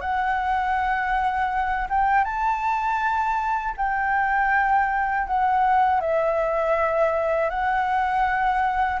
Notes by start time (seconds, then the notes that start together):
0.00 F#5
1.89 G5
2.24 A5
3.76 G5
5.27 F#5
6.00 E5
7.49 F#5